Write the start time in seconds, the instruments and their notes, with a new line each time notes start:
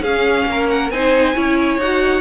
0.00 cello C#4, viola C#4, violin G#4 F5
0.46 cello A#3, violin A#4
0.70 violin F#5
0.90 cello C4, viola D#4, violin C5 G#5
1.35 cello C#4, viola E4, violin C#5
1.78 cello D#4, viola F#4, violin F#5